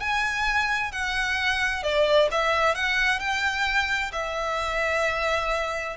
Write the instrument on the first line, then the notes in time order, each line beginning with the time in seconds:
violin
0.00 G#5
0.91 F#5
1.83 D5
2.31 E5
2.75 F#5
3.19 G5
4.12 E5